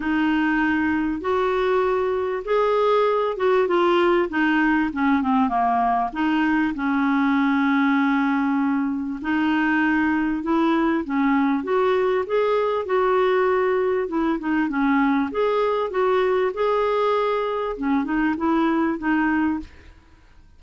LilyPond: \new Staff \with { instrumentName = "clarinet" } { \time 4/4 \tempo 4 = 98 dis'2 fis'2 | gis'4. fis'8 f'4 dis'4 | cis'8 c'8 ais4 dis'4 cis'4~ | cis'2. dis'4~ |
dis'4 e'4 cis'4 fis'4 | gis'4 fis'2 e'8 dis'8 | cis'4 gis'4 fis'4 gis'4~ | gis'4 cis'8 dis'8 e'4 dis'4 | }